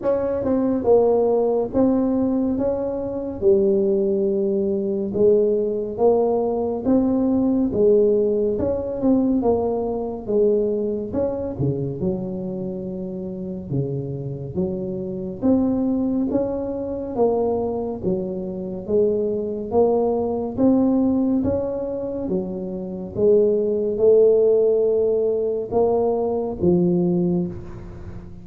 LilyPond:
\new Staff \with { instrumentName = "tuba" } { \time 4/4 \tempo 4 = 70 cis'8 c'8 ais4 c'4 cis'4 | g2 gis4 ais4 | c'4 gis4 cis'8 c'8 ais4 | gis4 cis'8 cis8 fis2 |
cis4 fis4 c'4 cis'4 | ais4 fis4 gis4 ais4 | c'4 cis'4 fis4 gis4 | a2 ais4 f4 | }